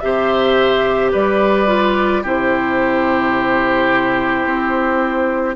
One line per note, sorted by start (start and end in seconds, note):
0.00 1.14 C3
0.00 1.68 G4
0.00 1.12 C5
0.00 1.11 E5
1.12 2.24 G3
1.12 2.23 B4
1.12 2.25 D5
1.68 2.23 F4
2.23 4.45 C3
2.23 5.56 E4
2.23 5.56 G4
2.23 5.56 C5
4.45 5.56 C4